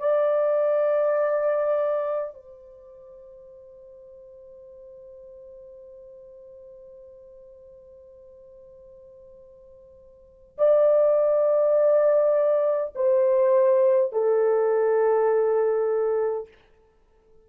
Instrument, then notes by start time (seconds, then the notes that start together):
horn
0.00 D5
2.34 C5
10.59 D5
12.96 C5
14.13 A4